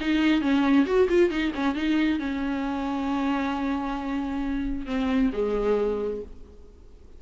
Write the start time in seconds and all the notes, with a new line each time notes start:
0.00 D#4
0.41 C#4
0.85 F#4
1.09 F4
1.30 D#4
1.55 C#4
1.75 D#4
2.19 C#4
4.86 C4
5.32 G#3